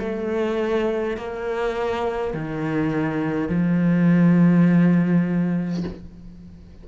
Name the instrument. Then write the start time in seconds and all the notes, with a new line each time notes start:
cello
0.00 A3
1.18 A#3
2.34 D#3
3.49 F3